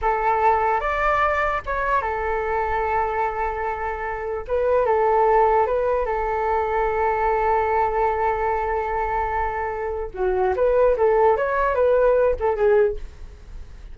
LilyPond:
\new Staff \with { instrumentName = "flute" } { \time 4/4 \tempo 4 = 148 a'2 d''2 | cis''4 a'2.~ | a'2. b'4 | a'2 b'4 a'4~ |
a'1~ | a'1~ | a'4 fis'4 b'4 a'4 | cis''4 b'4. a'8 gis'4 | }